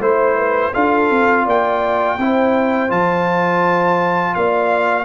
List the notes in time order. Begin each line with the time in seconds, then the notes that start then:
0.00 A3 E4 C5
0.37 B4
0.74 D4 F4 A4 F5
1.11 C4
1.45 A#3 D5 G5
2.18 C4 E4 C5
2.89 F3 F4 A5
4.35 A#3 D5 F5